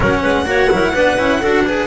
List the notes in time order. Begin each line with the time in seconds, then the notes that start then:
0.00 F#3 C#4 A#4 F#5
0.22 G#3 B4
0.45 A#3 F#4 C#5
0.70 F#3 E4 A#4
0.93 B3 D4 B4
1.17 C#4 E4
1.40 D4 F#4 A4
1.65 G#4 B4